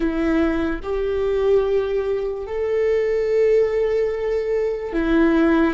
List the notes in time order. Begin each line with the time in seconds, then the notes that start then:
0.00 E4
0.82 G4
2.47 A4
4.92 E4